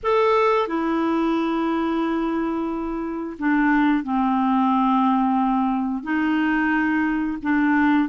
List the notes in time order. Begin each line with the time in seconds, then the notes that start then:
0.03 A4
0.67 E4
3.38 D4
4.03 C4
6.03 D#4
7.42 D4